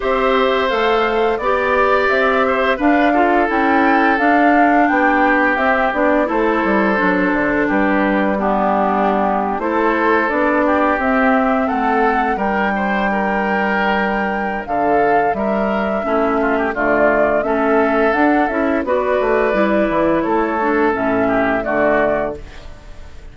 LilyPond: <<
  \new Staff \with { instrumentName = "flute" } { \time 4/4 \tempo 4 = 86 e''4 f''4 d''4 e''4 | f''4 g''4 f''4 g''4 | e''8 d''8 c''2 b'4 | g'4.~ g'16 c''4 d''4 e''16~ |
e''8. fis''4 g''2~ g''16~ | g''4 f''4 e''2 | d''4 e''4 fis''8 e''8 d''4~ | d''4 cis''4 e''4 d''4 | }
  \new Staff \with { instrumentName = "oboe" } { \time 4/4 c''2 d''4. c''8 | b'8 a'2~ a'8 g'4~ | g'4 a'2 g'4 | d'4.~ d'16 a'4. g'8.~ |
g'8. a'4 ais'8 c''8 ais'4~ ais'16~ | ais'4 a'4 ais'4 e'8 f'16 g'16 | f'4 a'2 b'4~ | b'4 a'4. g'8 fis'4 | }
  \new Staff \with { instrumentName = "clarinet" } { \time 4/4 g'4 a'4 g'2 | d'8 f'8 e'4 d'2 | c'8 d'8 e'4 d'2 | b4.~ b16 e'4 d'4 c'16~ |
c'4.~ c'16 d'2~ d'16~ | d'2. cis'4 | a4 cis'4 d'8 e'8 fis'4 | e'4. d'8 cis'4 a4 | }
  \new Staff \with { instrumentName = "bassoon" } { \time 4/4 c'4 a4 b4 c'4 | d'4 cis'4 d'4 b4 | c'8 b8 a8 g8 fis8 d8 g4~ | g4.~ g16 a4 b4 c'16~ |
c'8. a4 g2~ g16~ | g4 d4 g4 a4 | d4 a4 d'8 cis'8 b8 a8 | g8 e8 a4 a,4 d4 | }
>>